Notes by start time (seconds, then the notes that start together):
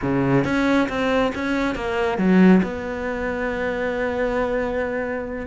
0.02 C#3
0.44 C#4
0.88 C4
1.34 C#4
1.75 A#3
2.17 F#3
2.62 B3